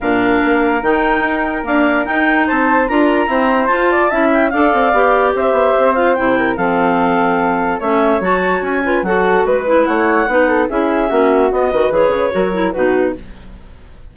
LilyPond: <<
  \new Staff \with { instrumentName = "clarinet" } { \time 4/4 \tempo 4 = 146 f''2 g''2 | f''4 g''4 a''4 ais''4~ | ais''4 a''4. g''8 f''4~ | f''4 e''4. f''8 g''4 |
f''2. e''4 | a''4 gis''4 fis''4 b'4 | fis''2 e''2 | dis''4 cis''2 b'4 | }
  \new Staff \with { instrumentName = "flute" } { \time 4/4 ais'1~ | ais'2 c''4 ais'4 | c''4. d''8 e''4 d''4~ | d''4 c''2~ c''8 ais'8 |
a'2. cis''4~ | cis''4. b'8 a'4 b'4 | cis''4 b'8 a'8 gis'4 fis'4~ | fis'8 b'4. ais'4 fis'4 | }
  \new Staff \with { instrumentName = "clarinet" } { \time 4/4 d'2 dis'2 | ais4 dis'2 f'4 | c'4 f'4 e'4 a'4 | g'2~ g'8 f'8 e'4 |
c'2. cis'4 | fis'4. f'8 fis'4. e'8~ | e'4 dis'4 e'4 cis'4 | b8 fis'8 gis'4 fis'8 e'8 dis'4 | }
  \new Staff \with { instrumentName = "bassoon" } { \time 4/4 ais,4 ais4 dis4 dis'4 | d'4 dis'4 c'4 d'4 | e'4 f'4 cis'4 d'8 c'8 | b4 c'8 b8 c'4 c4 |
f2. a4 | fis4 cis'4 fis4 gis4 | a4 b4 cis'4 ais4 | b8 dis8 e8 cis8 fis4 b,4 | }
>>